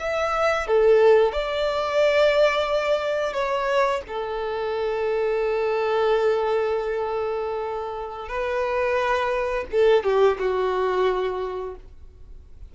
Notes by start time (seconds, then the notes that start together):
0.00 E5
0.68 A4
1.33 D5
3.34 C#5
4.08 A4
8.29 B4
9.72 A4
10.04 G4
10.39 F#4